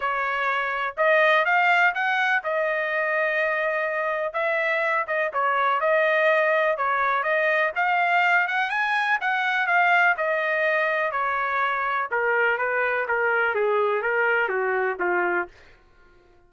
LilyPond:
\new Staff \with { instrumentName = "trumpet" } { \time 4/4 \tempo 4 = 124 cis''2 dis''4 f''4 | fis''4 dis''2.~ | dis''4 e''4. dis''8 cis''4 | dis''2 cis''4 dis''4 |
f''4. fis''8 gis''4 fis''4 | f''4 dis''2 cis''4~ | cis''4 ais'4 b'4 ais'4 | gis'4 ais'4 fis'4 f'4 | }